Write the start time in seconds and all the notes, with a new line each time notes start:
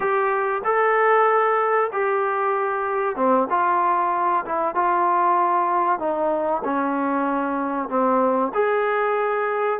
0.00 G4
0.64 A4
1.92 G4
3.16 C4
3.49 F4
4.45 E4
4.75 F4
5.99 D#4
6.63 C#4
7.89 C4
8.54 G#4